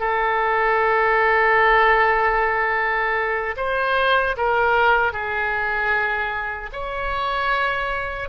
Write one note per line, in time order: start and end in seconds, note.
0.00 3.55 A4
3.57 4.36 C5
4.37 5.12 A#4
5.12 6.70 G#4
6.72 8.29 C#5